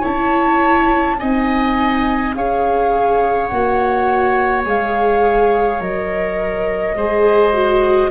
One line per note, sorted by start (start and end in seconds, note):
0.00 1.21 C#4
0.00 1.18 E4
0.00 1.15 C#5
0.00 1.19 A5
1.19 2.36 C4
1.19 2.35 D#4
1.19 2.35 D#5
1.19 2.34 G#5
2.35 3.51 C#4
2.35 3.50 G#4
2.35 6.96 C#5
2.35 3.46 F5
3.46 4.65 A#3
3.46 4.65 F#4
3.46 4.62 F#5
4.65 5.80 G#3
4.65 5.80 G#4
4.65 5.81 F5
5.80 6.95 F#3
5.80 6.96 A#4
5.80 8.11 D#5
6.95 8.10 G#3
6.95 7.53 G#4
6.95 8.11 C5
7.53 8.11 F#4